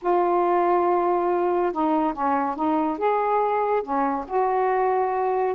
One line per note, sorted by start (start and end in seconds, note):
0.02 1.72 F4
1.72 2.13 D#4
2.13 2.55 C#4
2.55 2.98 D#4
2.98 3.82 G#4
3.82 4.25 C#4
4.27 5.55 F#4